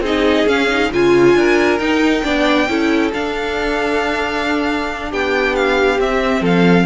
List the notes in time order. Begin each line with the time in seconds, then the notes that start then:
0.00 C4 D#4 G#4
0.06 D#5
0.47 C#4 F5
0.70 D#4
0.91 C#3 F4 G#5
1.35 D4 A#4
1.79 D#4 G5
2.23 B3 D4 D5
2.68 C#4 E4 A4
3.14 D4 F5
5.10 B3 G4 G5
5.56 F5
5.99 C4 E5
6.41 F3 A4 F5